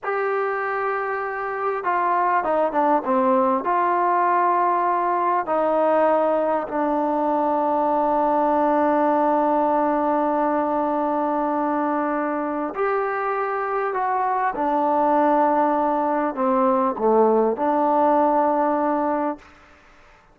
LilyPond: \new Staff \with { instrumentName = "trombone" } { \time 4/4 \tempo 4 = 99 g'2. f'4 | dis'8 d'8 c'4 f'2~ | f'4 dis'2 d'4~ | d'1~ |
d'1~ | d'4 g'2 fis'4 | d'2. c'4 | a4 d'2. | }